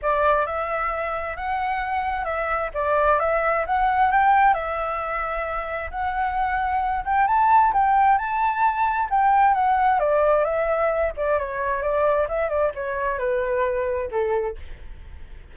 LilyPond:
\new Staff \with { instrumentName = "flute" } { \time 4/4 \tempo 4 = 132 d''4 e''2 fis''4~ | fis''4 e''4 d''4 e''4 | fis''4 g''4 e''2~ | e''4 fis''2~ fis''8 g''8 |
a''4 g''4 a''2 | g''4 fis''4 d''4 e''4~ | e''8 d''8 cis''4 d''4 e''8 d''8 | cis''4 b'2 a'4 | }